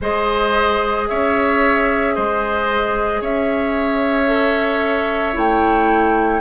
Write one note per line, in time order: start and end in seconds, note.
0.01 1.08 G#3
0.01 4.27 G#4
0.01 1.08 C5
0.01 1.08 D#5
1.08 2.17 C#4
1.08 2.15 C#5
1.08 2.15 E5
2.15 3.21 G#3
2.15 3.21 C5
2.15 3.22 D#5
3.21 5.35 C#4
3.21 6.40 C#5
3.21 5.37 E5
4.27 5.33 A4
5.33 6.40 A3
5.33 6.40 E4
5.33 6.40 G5